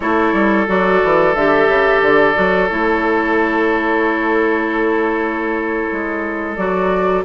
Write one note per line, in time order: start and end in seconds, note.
0.00 0.32 A3
0.00 0.67 E4
0.00 7.24 A4
0.00 0.67 C#5
0.32 0.66 G3
0.67 1.02 F#3
0.67 1.34 F#4
0.67 1.34 D5
1.03 1.34 E3
1.34 1.67 D3
1.34 2.34 G4
1.34 2.02 E5
1.67 2.01 C#3
2.02 2.35 D3
2.02 2.68 D5
2.34 2.71 F#3
2.34 2.68 F#4
2.68 5.91 A3
2.68 6.57 E4
2.68 6.55 C#5
5.92 6.57 G#3
6.55 7.24 F#3
6.55 7.24 F#4
6.55 7.22 D5